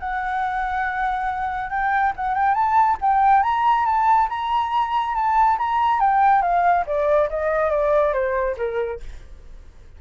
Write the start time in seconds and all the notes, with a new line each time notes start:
0.00 F#5
1.70 G5
2.16 F#5
2.35 G5
2.54 A5
3.01 G5
3.43 A#5
3.86 A5
4.29 A#5
5.15 A5
5.59 A#5
6.00 G5
6.42 F5
6.87 D5
7.30 D#5
7.70 D5
8.13 C5
8.57 A#4